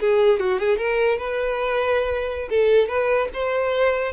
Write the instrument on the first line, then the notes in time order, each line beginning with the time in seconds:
violin
0.00 G#4
0.40 F#4
0.59 G#4
0.78 A#4
1.18 B4
2.50 A4
2.88 B4
3.33 C5